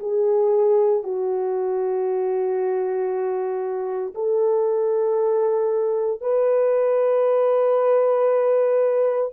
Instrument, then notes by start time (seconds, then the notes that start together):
horn
0.00 G#4
1.04 F#4
4.15 A4
6.21 B4